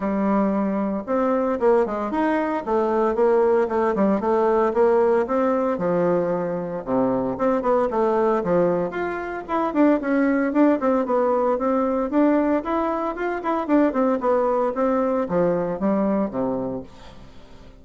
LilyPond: \new Staff \with { instrumentName = "bassoon" } { \time 4/4 \tempo 4 = 114 g2 c'4 ais8 gis8 | dis'4 a4 ais4 a8 g8 | a4 ais4 c'4 f4~ | f4 c4 c'8 b8 a4 |
f4 f'4 e'8 d'8 cis'4 | d'8 c'8 b4 c'4 d'4 | e'4 f'8 e'8 d'8 c'8 b4 | c'4 f4 g4 c4 | }